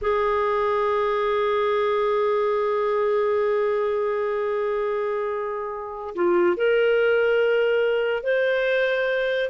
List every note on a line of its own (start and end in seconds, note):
0.01 6.14 G#4
6.15 6.56 F4
6.56 8.23 A#4
8.23 9.49 C5